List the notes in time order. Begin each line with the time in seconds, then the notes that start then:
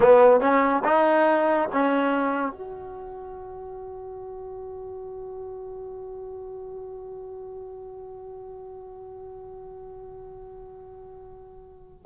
0.00 B3
0.40 C#4
0.84 D#4
1.72 C#4
2.51 F#4